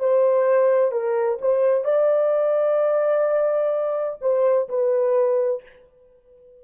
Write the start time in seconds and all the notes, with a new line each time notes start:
0.00 C5
0.92 A#4
1.42 C5
1.85 D5
4.22 C5
4.69 B4